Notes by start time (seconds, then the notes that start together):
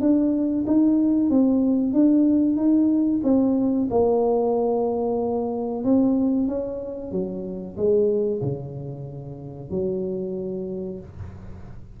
0.00 D4
0.66 D#4
1.30 C4
1.93 D4
2.56 D#4
3.23 C4
3.90 A#3
5.84 C4
6.47 C#4
7.11 F#3
7.76 G#3
8.41 C#3
9.70 F#3